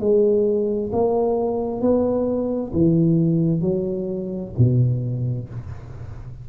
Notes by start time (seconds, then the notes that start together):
0.00 G#3
0.93 A#3
1.81 B3
2.73 E3
3.61 F#3
4.58 B2